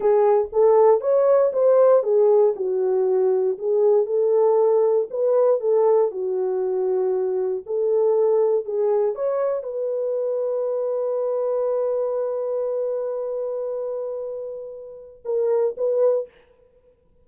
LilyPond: \new Staff \with { instrumentName = "horn" } { \time 4/4 \tempo 4 = 118 gis'4 a'4 cis''4 c''4 | gis'4 fis'2 gis'4 | a'2 b'4 a'4 | fis'2. a'4~ |
a'4 gis'4 cis''4 b'4~ | b'1~ | b'1~ | b'2 ais'4 b'4 | }